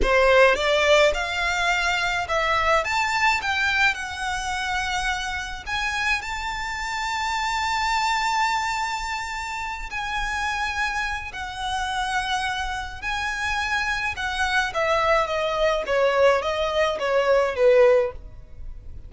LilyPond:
\new Staff \with { instrumentName = "violin" } { \time 4/4 \tempo 4 = 106 c''4 d''4 f''2 | e''4 a''4 g''4 fis''4~ | fis''2 gis''4 a''4~ | a''1~ |
a''4. gis''2~ gis''8 | fis''2. gis''4~ | gis''4 fis''4 e''4 dis''4 | cis''4 dis''4 cis''4 b'4 | }